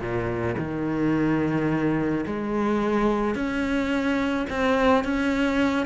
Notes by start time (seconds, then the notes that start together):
0.00 A#2
0.58 D#3
2.26 G#3
3.35 C#4
4.50 C4
5.04 C#4